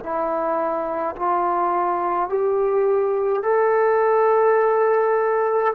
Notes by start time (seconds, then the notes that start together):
0.00 E4
1.16 F4
2.29 G4
3.43 A4